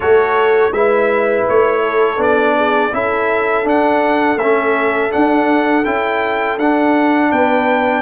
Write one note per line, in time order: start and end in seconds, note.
0.00 0.70 A3
0.00 0.72 F#4
0.00 0.73 A4
0.00 0.73 C#5
0.70 1.43 G#3
0.70 2.17 E4
0.70 1.82 B4
0.70 1.46 E5
1.48 2.17 A3
1.48 2.22 C#5
1.82 2.55 A4
2.17 2.90 B3
2.17 2.90 D4
2.17 2.94 D5
2.56 2.93 G#4
2.92 3.64 C#4
2.92 3.64 E4
2.92 7.32 A4
2.92 3.67 E5
3.64 4.37 D4
3.64 4.36 D4
3.64 4.38 F#5
4.36 5.09 A3
4.36 5.10 C#4
4.36 5.11 E5
5.10 5.83 D4
5.10 5.85 D4
5.10 5.84 F#5
5.84 6.57 C#4
5.84 6.58 E4
5.84 6.58 G5
6.57 7.30 D4
6.57 8.02 D4
6.57 7.31 F#5
7.31 8.02 B3
7.31 8.02 B4
7.31 8.02 G5